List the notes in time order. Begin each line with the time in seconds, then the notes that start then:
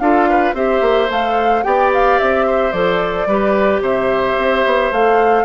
0.00 D4 F4 A4 F5
0.30 B4
0.54 C4 G4 C5 E5
0.82 A#3
1.09 A3 A4 F5
1.64 B3 G4 D5 G5
1.94 F5
2.20 C4 E5
2.47 C5
2.73 F3 A4 D5
3.27 G3 G4 B4
3.81 C3 C5 E5
4.39 C4
4.66 B3
4.92 A3 A4 F5